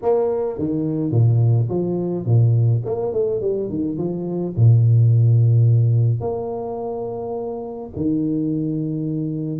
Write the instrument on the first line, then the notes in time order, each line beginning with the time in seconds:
tuba
0.02 A#3
0.58 D#3
1.11 A#2
1.69 F3
2.25 A#2
2.85 A#3
3.13 A3
3.40 G3
3.69 D#3
3.98 F3
4.56 A#2
6.20 A#3
7.96 D#3